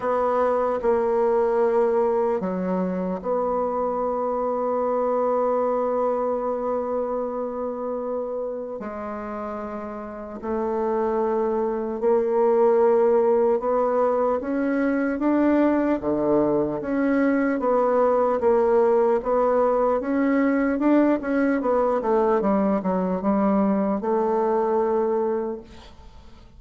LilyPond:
\new Staff \with { instrumentName = "bassoon" } { \time 4/4 \tempo 4 = 75 b4 ais2 fis4 | b1~ | b2. gis4~ | gis4 a2 ais4~ |
ais4 b4 cis'4 d'4 | d4 cis'4 b4 ais4 | b4 cis'4 d'8 cis'8 b8 a8 | g8 fis8 g4 a2 | }